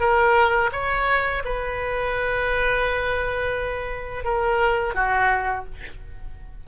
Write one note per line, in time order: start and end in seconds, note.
0.00 0.71 A#4
0.73 1.43 C#5
1.45 4.24 B4
4.24 4.95 A#4
4.95 5.66 F#4